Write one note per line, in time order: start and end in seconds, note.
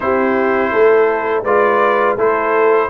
0.00 0.72 C4
0.00 1.43 E4
0.00 0.71 G4
0.00 1.44 C5
0.71 1.43 A3
0.71 1.43 A4
1.43 2.16 G#3
1.43 2.18 F4
1.43 2.15 B4
1.43 2.16 D5
2.15 2.88 A3
2.15 2.89 E4
2.15 2.87 A4
2.15 2.89 C5